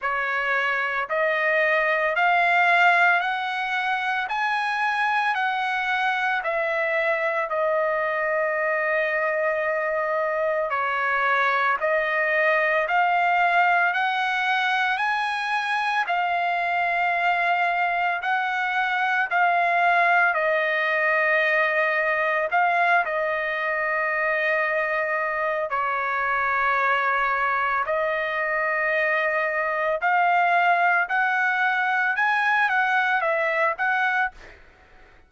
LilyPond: \new Staff \with { instrumentName = "trumpet" } { \time 4/4 \tempo 4 = 56 cis''4 dis''4 f''4 fis''4 | gis''4 fis''4 e''4 dis''4~ | dis''2 cis''4 dis''4 | f''4 fis''4 gis''4 f''4~ |
f''4 fis''4 f''4 dis''4~ | dis''4 f''8 dis''2~ dis''8 | cis''2 dis''2 | f''4 fis''4 gis''8 fis''8 e''8 fis''8 | }